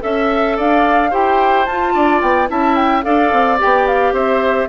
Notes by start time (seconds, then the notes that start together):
0.00 C#4 A4 E5
0.57 D4 D5 F5
1.10 E4 G4 C5 G5
1.65 F4 A5
1.94 D4 D5
2.21 B3 G5
2.48 C#4 E4 E5 A5
2.75 G5
3.03 D4 A4 D5 F5
3.32 C4
3.59 B3 G4 G5
3.87 F5
4.12 C4 C5 E5